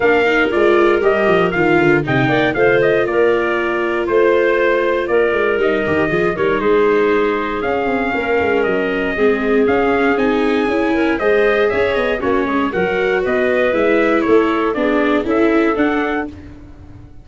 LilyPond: <<
  \new Staff \with { instrumentName = "trumpet" } { \time 4/4 \tempo 4 = 118 f''4 d''4 dis''4 f''4 | g''4 f''8 dis''8 d''2 | c''2 d''4 dis''4~ | dis''8 cis''8 c''2 f''4~ |
f''4 dis''2 f''4 | gis''2 dis''4 e''8 dis''8 | cis''4 fis''4 dis''4 e''4 | cis''4 d''4 e''4 fis''4 | }
  \new Staff \with { instrumentName = "clarinet" } { \time 4/4 ais'1 | dis''8 d''8 c''4 ais'2 | c''2 ais'2 | gis'8 ais'8 gis'2. |
ais'2 gis'2~ | gis'4. ais'8 c''4 cis''4 | fis'8 gis'8 ais'4 b'2 | a'4 gis'4 a'2 | }
  \new Staff \with { instrumentName = "viola" } { \time 4/4 d'8 dis'8 f'4 g'4 f'4 | dis'4 f'2.~ | f'2. dis'8 g'8 | f'8 dis'2~ dis'8 cis'4~ |
cis'2 c'4 cis'4 | dis'4 e'4 gis'2 | cis'4 fis'2 e'4~ | e'4 d'4 e'4 d'4 | }
  \new Staff \with { instrumentName = "tuba" } { \time 4/4 ais4 gis4 g8 f8 dis8 d8 | c8 ais8 a4 ais2 | a2 ais8 gis8 g8 dis8 | f8 g8 gis2 cis'8 c'8 |
ais8 gis8 fis4 gis4 cis'4 | c'4 cis'4 gis4 cis'8 b8 | ais8 gis8 fis4 b4 gis4 | a4 b4 cis'4 d'4 | }
>>